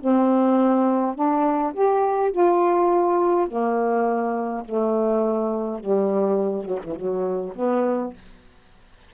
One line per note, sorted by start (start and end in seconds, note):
0.00 1.15 C4
1.15 1.73 D4
1.73 2.31 G4
2.31 3.48 F4
3.48 4.64 A#3
4.65 5.80 A3
5.80 6.64 G3
6.64 6.79 F#3
6.84 6.95 E3
6.95 7.54 F#3
7.55 8.13 B3